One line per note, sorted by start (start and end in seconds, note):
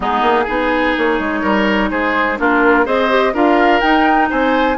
0.00 0.21 G#3
0.00 0.47 B3
0.00 0.44 D#4
0.00 0.96 G#4
0.21 0.45 A#3
0.44 0.96 B3
0.44 2.37 D#4
0.44 1.39 G#4
0.97 1.19 A#3
0.97 1.90 C#5
1.19 1.43 G#3
1.41 1.90 G3
1.41 1.89 A#4
1.90 2.39 G#3
1.90 2.38 G#4
1.90 2.38 C5
2.37 2.85 A#3
2.37 2.85 D4
2.37 2.85 F4
2.37 2.86 A#4
2.85 3.33 C4
2.85 3.08 G#4
2.85 3.33 C5
2.85 3.34 D#5
3.09 3.33 G4
3.33 3.81 D4
3.33 3.81 F4
3.33 4.29 A#4
3.33 3.80 F5
3.80 4.77 D#4
3.80 4.30 D#4
3.80 4.28 G5
4.30 4.77 C4
4.30 4.77 C5
4.30 4.77 G#5